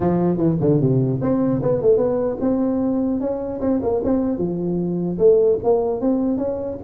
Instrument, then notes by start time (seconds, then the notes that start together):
tuba
0.00 F3
0.37 E3
0.60 D3
0.80 C3
1.21 C4
1.62 B3
1.81 A3
1.97 B3
2.40 C4
3.20 C#4
3.61 C4
3.82 A#3
4.03 C4
4.37 F3
5.18 A3
5.63 A#3
6.00 C4
6.37 C#4